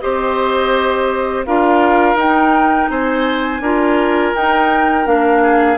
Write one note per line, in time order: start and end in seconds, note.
0.00 1.47 C4
0.00 1.45 G4
0.00 1.46 C5
0.00 1.45 D#5
1.45 2.15 D4
1.45 2.16 F4
1.45 2.90 A#4
1.45 2.17 F5
2.15 2.87 D#4
2.15 3.61 D#4
2.15 2.90 G5
2.90 3.60 C4
2.90 3.61 C5
2.90 4.35 G#5
3.60 4.32 D4
3.60 4.35 F4
3.60 5.42 A#4
4.35 5.06 D#4
4.35 5.05 D#4
4.35 5.06 G5
5.05 5.77 A#3
5.05 5.77 D4
5.05 5.77 F5
5.42 5.77 G#4